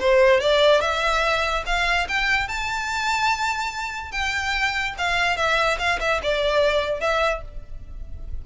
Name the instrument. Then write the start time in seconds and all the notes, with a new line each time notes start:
violin
0.00 C5
0.41 D5
0.81 E5
1.66 F5
2.09 G5
2.48 A5
4.12 G5
4.98 F5
5.37 E5
5.79 F5
6.00 E5
6.23 D5
7.00 E5